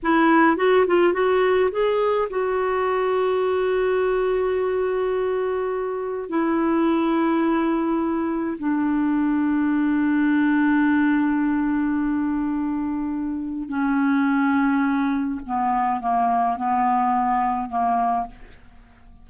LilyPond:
\new Staff \with { instrumentName = "clarinet" } { \time 4/4 \tempo 4 = 105 e'4 fis'8 f'8 fis'4 gis'4 | fis'1~ | fis'2. e'4~ | e'2. d'4~ |
d'1~ | d'1 | cis'2. b4 | ais4 b2 ais4 | }